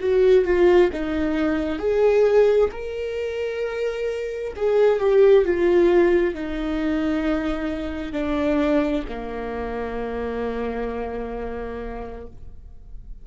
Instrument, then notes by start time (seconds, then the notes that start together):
viola
0.00 F#4
0.45 F4
0.93 D#4
1.79 G#4
2.72 A#4
4.56 G#4
5.00 G4
5.45 F4
6.35 D#4
8.12 D4
9.09 A#3